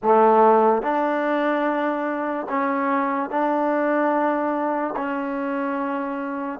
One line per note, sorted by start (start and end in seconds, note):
0.02 0.82 A3
0.82 2.47 D4
2.49 3.30 C#4
3.30 4.94 D4
4.96 6.59 C#4